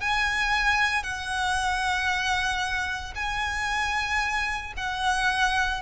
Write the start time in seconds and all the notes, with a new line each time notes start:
0.00 G#5
1.03 F#5
3.15 G#5
4.77 F#5